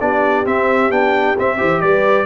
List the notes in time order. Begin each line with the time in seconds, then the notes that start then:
0.00 B3 D4 G4 D5
0.45 C4 E5
0.90 B3 D4 G5
1.38 C4 E5
1.57 E3 G4 C5
1.81 G3 B4 D5